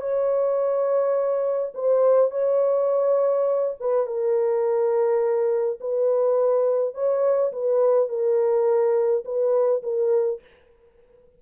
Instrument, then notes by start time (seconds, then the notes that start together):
horn
0.00 C#5
1.74 C5
2.31 C#5
3.80 B4
4.06 A#4
5.80 B4
6.94 C#5
7.52 B4
8.08 A#4
9.24 B4
9.82 A#4